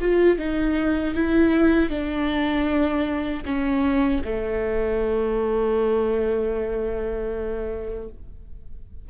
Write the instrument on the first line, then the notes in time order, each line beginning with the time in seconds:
viola
0.00 F4
0.38 D#4
1.14 E4
1.90 D4
3.45 C#4
4.24 A3